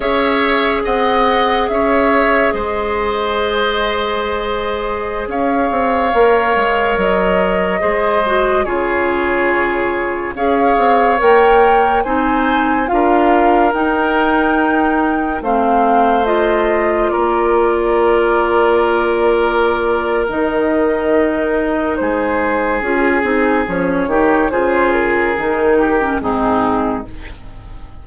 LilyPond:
<<
  \new Staff \with { instrumentName = "flute" } { \time 4/4 \tempo 4 = 71 e''4 fis''4 e''4 dis''4~ | dis''2~ dis''16 f''4.~ f''16~ | f''16 dis''2 cis''4.~ cis''16~ | cis''16 f''4 g''4 gis''4 f''8.~ |
f''16 g''2 f''4 dis''8.~ | dis''16 d''2.~ d''8. | dis''2 c''4 gis'4 | cis''4 c''8 ais'4. gis'4 | }
  \new Staff \with { instrumentName = "oboe" } { \time 4/4 cis''4 dis''4 cis''4 c''4~ | c''2~ c''16 cis''4.~ cis''16~ | cis''4~ cis''16 c''4 gis'4.~ gis'16~ | gis'16 cis''2 c''4 ais'8.~ |
ais'2~ ais'16 c''4.~ c''16~ | c''16 ais'2.~ ais'8.~ | ais'2 gis'2~ | gis'8 g'8 gis'4. g'8 dis'4 | }
  \new Staff \with { instrumentName = "clarinet" } { \time 4/4 gis'1~ | gis'2.~ gis'16 ais'8.~ | ais'4~ ais'16 gis'8 fis'8 f'4.~ f'16~ | f'16 gis'4 ais'4 dis'4 f'8.~ |
f'16 dis'2 c'4 f'8.~ | f'1 | dis'2. f'8 dis'8 | cis'8 dis'8 f'4 dis'8. cis'16 c'4 | }
  \new Staff \with { instrumentName = "bassoon" } { \time 4/4 cis'4 c'4 cis'4 gis4~ | gis2~ gis16 cis'8 c'8 ais8 gis16~ | gis16 fis4 gis4 cis4.~ cis16~ | cis16 cis'8 c'8 ais4 c'4 d'8.~ |
d'16 dis'2 a4.~ a16~ | a16 ais2.~ ais8. | dis2 gis4 cis'8 c'8 | f8 dis8 cis4 dis4 gis,4 | }
>>